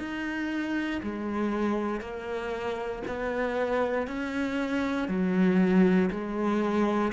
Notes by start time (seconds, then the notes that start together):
0.00 D#4
1.03 G#3
2.01 A#3
3.07 B3
4.08 C#4
5.08 F#3
6.11 G#3